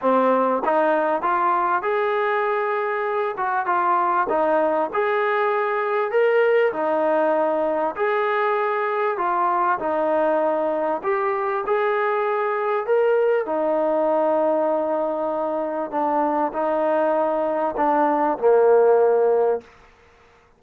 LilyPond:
\new Staff \with { instrumentName = "trombone" } { \time 4/4 \tempo 4 = 98 c'4 dis'4 f'4 gis'4~ | gis'4. fis'8 f'4 dis'4 | gis'2 ais'4 dis'4~ | dis'4 gis'2 f'4 |
dis'2 g'4 gis'4~ | gis'4 ais'4 dis'2~ | dis'2 d'4 dis'4~ | dis'4 d'4 ais2 | }